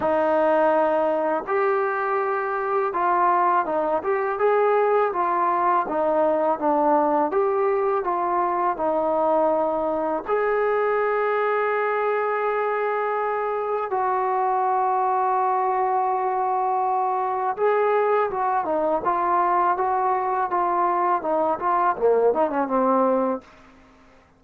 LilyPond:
\new Staff \with { instrumentName = "trombone" } { \time 4/4 \tempo 4 = 82 dis'2 g'2 | f'4 dis'8 g'8 gis'4 f'4 | dis'4 d'4 g'4 f'4 | dis'2 gis'2~ |
gis'2. fis'4~ | fis'1 | gis'4 fis'8 dis'8 f'4 fis'4 | f'4 dis'8 f'8 ais8 dis'16 cis'16 c'4 | }